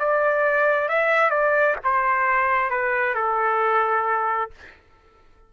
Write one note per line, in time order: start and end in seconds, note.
0.00 0.89 D5
0.89 1.31 E5
1.31 1.76 D5
1.84 2.71 C5
2.71 3.15 B4
3.15 4.51 A4